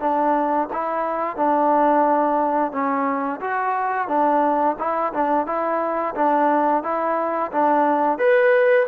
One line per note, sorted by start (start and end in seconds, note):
0.00 0.68 D4
0.73 1.36 E4
1.36 2.72 D4
2.72 3.40 C#4
3.41 4.08 F#4
4.08 4.76 D4
4.79 5.13 E4
5.13 5.46 D4
5.46 6.14 E4
6.15 6.83 D4
6.83 7.51 E4
7.52 8.18 D4
8.18 8.86 B4